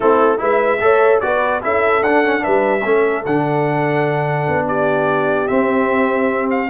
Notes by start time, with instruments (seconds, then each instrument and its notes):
0.00 tuba A3, trombone C4, horn E4, trumpet A4
0.37 tuba G#3, trombone E4, horn B4, trumpet E5
0.80 tuba A3, trombone A4, horn C#5
1.20 tuba B3, trombone F#4, horn B4, trumpet D5
1.61 tuba C#4, trombone E4, horn A4, trumpet E5
2.01 tuba D4, trombone D4, trumpet F#5
2.24 trombone C#4
2.39 trombone D4, horn B4, trumpet E5
2.46 tuba G3
2.84 tuba A3, trombone C#4, horn A4
3.25 tuba D3, trombone D4, trumpet F#5
4.47 tuba B3
4.67 horn G4, trumpet D5
5.47 trombone C4, tuba C4, trumpet E5
6.50 trumpet F5